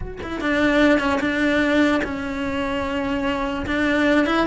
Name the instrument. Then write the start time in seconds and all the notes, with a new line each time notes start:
cello
0.00 F#4
0.22 E4
0.41 D4
0.99 C#4
1.20 D4
2.04 C#4
3.66 D4
4.26 E4